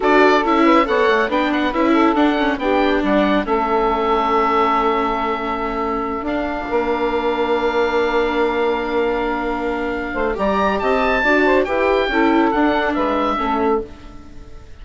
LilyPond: <<
  \new Staff \with { instrumentName = "oboe" } { \time 4/4 \tempo 4 = 139 d''4 e''4 fis''4 g''8 fis''8 | e''4 fis''4 g''4 fis''4 | e''1~ | e''2~ e''8 f''4.~ |
f''1~ | f''1 | ais''4 a''2 g''4~ | g''4 fis''4 e''2 | }
  \new Staff \with { instrumentName = "saxophone" } { \time 4/4 a'4. b'8 cis''4 b'4~ | b'8 a'4. g'4 d''4 | a'1~ | a'2.~ a'8 ais'8~ |
ais'1~ | ais'2.~ ais'8 c''8 | d''4 dis''4 d''8 c''8 b'4 | a'2 b'4 a'4 | }
  \new Staff \with { instrumentName = "viola" } { \time 4/4 fis'4 e'4 a'4 d'4 | e'4 d'8 cis'8 d'2 | cis'1~ | cis'2~ cis'8 d'4.~ |
d'1~ | d'1 | g'2 fis'4 g'4 | e'4 d'2 cis'4 | }
  \new Staff \with { instrumentName = "bassoon" } { \time 4/4 d'4 cis'4 b8 a8 b4 | cis'4 d'4 b4 g4 | a1~ | a2~ a8 d'4 ais8~ |
ais1~ | ais2.~ ais8 a8 | g4 c'4 d'4 e'4 | cis'4 d'4 gis4 a4 | }
>>